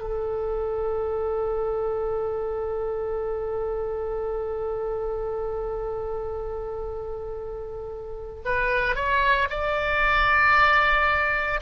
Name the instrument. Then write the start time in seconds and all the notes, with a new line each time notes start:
oboe
0.00 A4
8.44 B4
8.95 C#5
9.49 D5